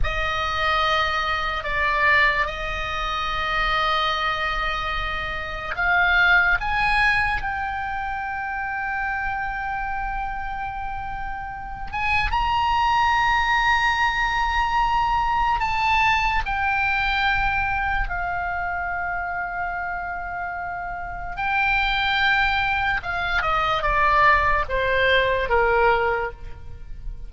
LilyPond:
\new Staff \with { instrumentName = "oboe" } { \time 4/4 \tempo 4 = 73 dis''2 d''4 dis''4~ | dis''2. f''4 | gis''4 g''2.~ | g''2~ g''8 gis''8 ais''4~ |
ais''2. a''4 | g''2 f''2~ | f''2 g''2 | f''8 dis''8 d''4 c''4 ais'4 | }